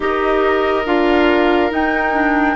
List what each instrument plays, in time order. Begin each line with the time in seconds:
0.00 bassoon D#4, clarinet G4, oboe A#4, flute D#5
0.85 bassoon D4, clarinet F4, flute F5
1.70 clarinet D#4, bassoon D#4, flute G5
2.13 clarinet D4